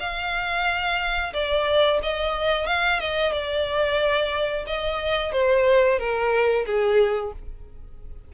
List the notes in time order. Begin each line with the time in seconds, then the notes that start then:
0.00 F5
1.34 D5
2.03 D#5
2.67 F5
3.00 D#5
3.32 D5
4.67 D#5
5.33 C5
5.99 A#4
6.66 G#4